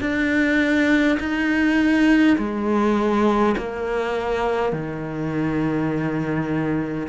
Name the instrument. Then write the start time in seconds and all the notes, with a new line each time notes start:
cello
0.00 D4
1.19 D#4
2.38 G#3
3.57 A#3
4.72 D#3